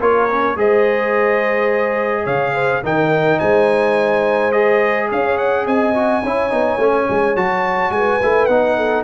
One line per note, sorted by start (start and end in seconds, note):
0.00 0.57 A#3
0.00 0.29 F4
0.00 0.57 A#4
0.00 0.58 C#5
0.30 0.56 C#4
0.56 2.26 G#3
0.56 2.83 G#4
0.56 2.24 C5
0.56 2.26 D#5
2.24 2.83 C#3
2.24 2.52 C#5
2.24 2.83 F5
2.54 2.82 C5
2.83 3.40 D#3
2.83 4.52 D#4
2.83 3.39 A#4
2.83 3.39 G5
3.39 5.12 G#3
3.39 5.09 C5
3.39 4.52 G#5
4.52 5.94 G#4
4.52 5.09 D#5
5.10 5.66 C#4
5.10 5.66 C#5
5.10 5.38 F5
5.38 5.66 F#5
5.66 6.23 C4
5.66 6.24 D#5
5.66 7.37 G#5
5.94 6.23 F#4
6.24 6.52 C#4
6.24 6.50 E4
6.24 7.94 C#5
6.50 6.78 B3
6.50 6.78 D#4
6.78 7.06 A3
6.78 7.36 C#4
7.10 7.36 G#3
7.36 7.90 F#3
7.36 8.21 F#4
7.36 7.92 A5
7.90 8.19 G#3
7.90 8.77 B4
7.90 8.46 G#5
8.23 8.49 A3
8.23 8.50 E4
8.46 9.04 B3
8.46 9.04 D#4
8.46 9.03 F#5
8.77 9.04 A4